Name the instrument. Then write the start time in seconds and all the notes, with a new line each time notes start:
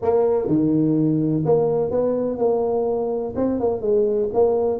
tuba
0.02 A#3
0.47 D#3
1.45 A#3
1.90 B3
2.38 A#3
3.36 C4
3.60 A#3
3.81 G#3
4.33 A#3